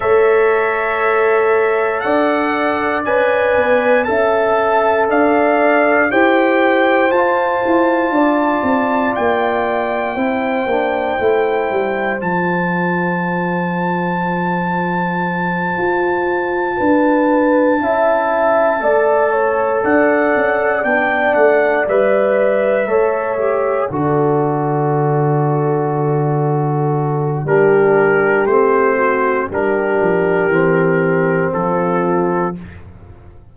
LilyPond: <<
  \new Staff \with { instrumentName = "trumpet" } { \time 4/4 \tempo 4 = 59 e''2 fis''4 gis''4 | a''4 f''4 g''4 a''4~ | a''4 g''2. | a''1~ |
a''2.~ a''8 fis''8~ | fis''8 g''8 fis''8 e''2 d''8~ | d''2. ais'4 | c''4 ais'2 a'4 | }
  \new Staff \with { instrumentName = "horn" } { \time 4/4 cis''2 d''2 | e''4 d''4 c''2 | d''2 c''2~ | c''1~ |
c''8 b'4 e''4 d''8 cis''8 d''8~ | d''2~ d''8 cis''4 a'8~ | a'2. g'4~ | g'8 fis'8 g'2 f'4 | }
  \new Staff \with { instrumentName = "trombone" } { \time 4/4 a'2. b'4 | a'2 g'4 f'4~ | f'2 e'8 d'8 e'4 | f'1~ |
f'4. e'4 a'4.~ | a'8 d'4 b'4 a'8 g'8 fis'8~ | fis'2. d'4 | c'4 d'4 c'2 | }
  \new Staff \with { instrumentName = "tuba" } { \time 4/4 a2 d'4 cis'8 b8 | cis'4 d'4 e'4 f'8 e'8 | d'8 c'8 ais4 c'8 ais8 a8 g8 | f2.~ f8 f'8~ |
f'8 d'4 cis'4 a4 d'8 | cis'8 b8 a8 g4 a4 d8~ | d2. g4 | a4 g8 f8 e4 f4 | }
>>